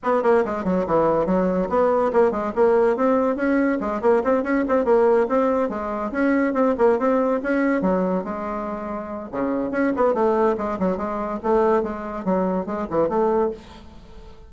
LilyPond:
\new Staff \with { instrumentName = "bassoon" } { \time 4/4 \tempo 4 = 142 b8 ais8 gis8 fis8 e4 fis4 | b4 ais8 gis8 ais4 c'4 | cis'4 gis8 ais8 c'8 cis'8 c'8 ais8~ | ais8 c'4 gis4 cis'4 c'8 |
ais8 c'4 cis'4 fis4 gis8~ | gis2 cis4 cis'8 b8 | a4 gis8 fis8 gis4 a4 | gis4 fis4 gis8 e8 a4 | }